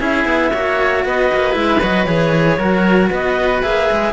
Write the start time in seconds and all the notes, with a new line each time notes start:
0.00 C#4 E4 G#4 E5
0.26 B3
0.53 A#3 F#4 C#5
1.05 B3 B4 D#5
1.33 A#3
1.52 G#3 E4 E5
1.83 F#3 F#4 D#5
2.05 E3 G#4 C#5
2.59 F#3 F#4 A#4
3.11 B3 B4 D#5
3.62 A#3 G#4 E5
3.91 G#3